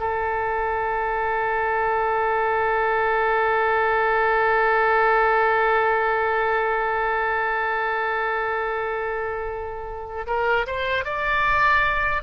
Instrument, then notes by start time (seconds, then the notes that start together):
oboe
0.00 A4
10.27 A#4
10.67 C5
11.05 D5